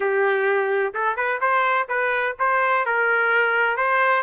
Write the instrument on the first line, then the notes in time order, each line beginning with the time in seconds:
trumpet
0.00 G4
0.93 A4
1.16 B4
1.40 C5
1.88 B4
2.39 C5
2.85 A#4
3.76 C5